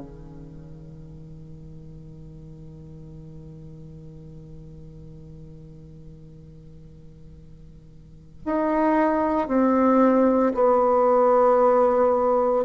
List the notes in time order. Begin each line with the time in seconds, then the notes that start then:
0.00 D#3
8.45 D#4
9.47 C4
10.54 B3